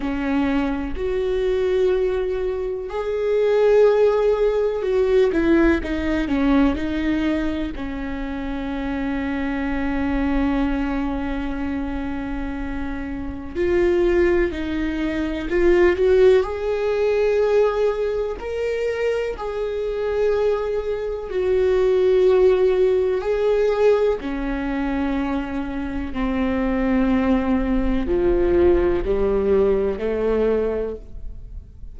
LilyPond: \new Staff \with { instrumentName = "viola" } { \time 4/4 \tempo 4 = 62 cis'4 fis'2 gis'4~ | gis'4 fis'8 e'8 dis'8 cis'8 dis'4 | cis'1~ | cis'2 f'4 dis'4 |
f'8 fis'8 gis'2 ais'4 | gis'2 fis'2 | gis'4 cis'2 c'4~ | c'4 f4 g4 a4 | }